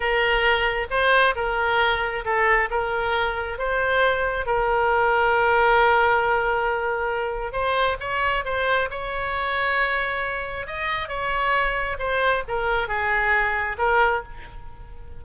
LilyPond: \new Staff \with { instrumentName = "oboe" } { \time 4/4 \tempo 4 = 135 ais'2 c''4 ais'4~ | ais'4 a'4 ais'2 | c''2 ais'2~ | ais'1~ |
ais'4 c''4 cis''4 c''4 | cis''1 | dis''4 cis''2 c''4 | ais'4 gis'2 ais'4 | }